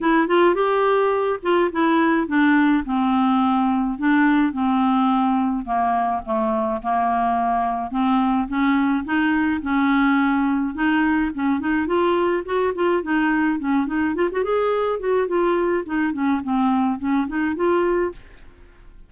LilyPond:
\new Staff \with { instrumentName = "clarinet" } { \time 4/4 \tempo 4 = 106 e'8 f'8 g'4. f'8 e'4 | d'4 c'2 d'4 | c'2 ais4 a4 | ais2 c'4 cis'4 |
dis'4 cis'2 dis'4 | cis'8 dis'8 f'4 fis'8 f'8 dis'4 | cis'8 dis'8 f'16 fis'16 gis'4 fis'8 f'4 | dis'8 cis'8 c'4 cis'8 dis'8 f'4 | }